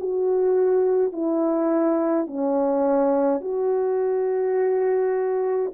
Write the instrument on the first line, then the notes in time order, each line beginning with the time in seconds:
horn
0.00 F#4
1.12 E4
2.27 C#4
3.40 F#4